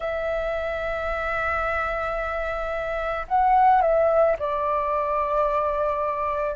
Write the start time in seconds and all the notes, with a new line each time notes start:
0.00 E5
3.27 F#5
3.81 E5
4.38 D5